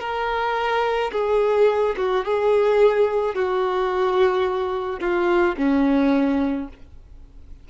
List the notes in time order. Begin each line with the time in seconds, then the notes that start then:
0.00 A#4
1.12 G#4
1.96 F#4
2.25 G#4
3.34 F#4
4.99 F4
5.57 C#4